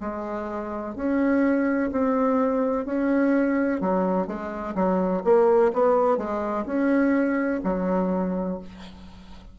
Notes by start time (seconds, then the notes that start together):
0.00 G#3
0.95 C#4
1.91 C4
2.85 C#4
3.80 F#3
4.26 G#3
4.74 F#3
5.24 A#3
5.73 B3
6.17 G#3
6.65 C#4
7.64 F#3